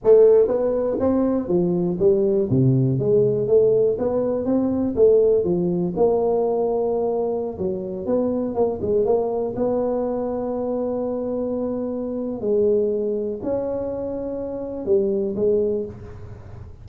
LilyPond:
\new Staff \with { instrumentName = "tuba" } { \time 4/4 \tempo 4 = 121 a4 b4 c'4 f4 | g4 c4 gis4 a4 | b4 c'4 a4 f4 | ais2.~ ais16 fis8.~ |
fis16 b4 ais8 gis8 ais4 b8.~ | b1~ | b4 gis2 cis'4~ | cis'2 g4 gis4 | }